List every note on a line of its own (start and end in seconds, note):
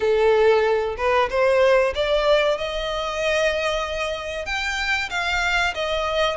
0.00 0.95 A4
0.97 1.29 B4
1.29 1.93 C5
1.94 2.57 D5
2.57 4.45 D#5
4.45 5.09 G5
5.10 5.74 F5
5.74 6.37 D#5